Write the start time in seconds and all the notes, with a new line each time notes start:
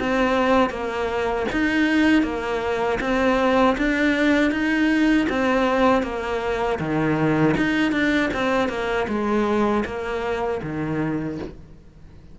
0.00 C4
0.70 A#3
1.52 D#4
2.23 A#3
3.01 C4
3.78 D4
4.52 D#4
5.30 C4
6.03 A#3
6.79 D#3
7.57 D#4
7.92 D4
8.34 C4
8.69 A#3
9.08 G#3
9.85 A#3
10.63 D#3